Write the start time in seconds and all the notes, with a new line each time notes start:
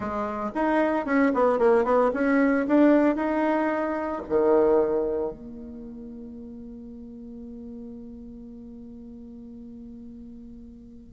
0.00 G#3
0.54 D#4
1.05 C#4
1.33 B3
1.58 A#3
1.84 B3
2.13 C#4
2.67 D4
3.15 D#4
4.29 D#3
5.31 A#3